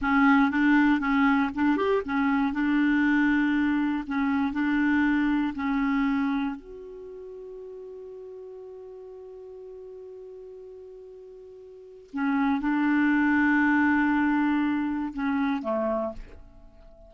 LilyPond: \new Staff \with { instrumentName = "clarinet" } { \time 4/4 \tempo 4 = 119 cis'4 d'4 cis'4 d'8 g'8 | cis'4 d'2. | cis'4 d'2 cis'4~ | cis'4 fis'2.~ |
fis'1~ | fis'1 | cis'4 d'2.~ | d'2 cis'4 a4 | }